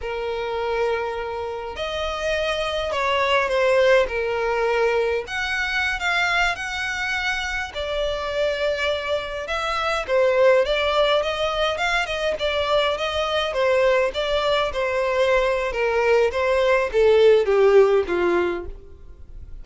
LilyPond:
\new Staff \with { instrumentName = "violin" } { \time 4/4 \tempo 4 = 103 ais'2. dis''4~ | dis''4 cis''4 c''4 ais'4~ | ais'4 fis''4~ fis''16 f''4 fis''8.~ | fis''4~ fis''16 d''2~ d''8.~ |
d''16 e''4 c''4 d''4 dis''8.~ | dis''16 f''8 dis''8 d''4 dis''4 c''8.~ | c''16 d''4 c''4.~ c''16 ais'4 | c''4 a'4 g'4 f'4 | }